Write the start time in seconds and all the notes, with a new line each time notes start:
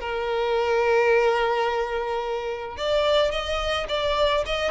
0.00 A#4
2.77 D5
3.31 D#5
3.88 D5
4.45 D#5